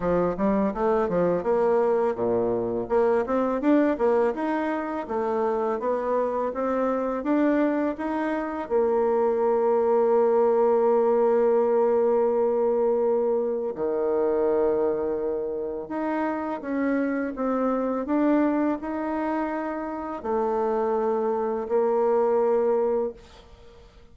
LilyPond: \new Staff \with { instrumentName = "bassoon" } { \time 4/4 \tempo 4 = 83 f8 g8 a8 f8 ais4 ais,4 | ais8 c'8 d'8 ais8 dis'4 a4 | b4 c'4 d'4 dis'4 | ais1~ |
ais2. dis4~ | dis2 dis'4 cis'4 | c'4 d'4 dis'2 | a2 ais2 | }